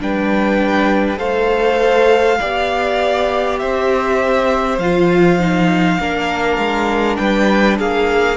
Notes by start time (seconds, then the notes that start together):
0.00 G3 D4 B4 G5
1.17 A3 A4 C5 F5
2.40 B3 G4 D5
3.59 C4 C5 E5
4.79 F3 F4 F5
5.39 D#4
6.00 A#3 D4 A#4
6.58 G#3
7.17 G3 B4 G5
7.79 A#3 G#4 F5